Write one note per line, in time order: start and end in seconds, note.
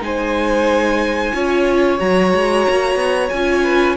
0.00 1.32 G#3
0.00 1.33 D#4
0.00 1.35 C5
0.00 1.99 G#5
1.34 2.00 C#4
1.34 1.98 F4
1.34 3.63 C#5
1.98 2.34 F#3
1.98 3.30 F#4
1.98 3.29 A#5
2.34 2.67 G#3
2.69 2.95 A#3
2.95 3.28 B3
3.29 3.96 C#4
3.29 3.96 F4
3.29 3.95 G#5
3.63 3.96 B4